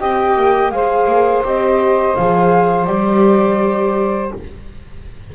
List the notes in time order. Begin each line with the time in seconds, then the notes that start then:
0.00 C4 G4 D#5 G5
0.36 A#3
0.71 G#3 G#4 C5 F5
1.07 A#3
1.44 C4 G4 D#5
2.16 F3 G#4 F5
2.86 G3 G4 D5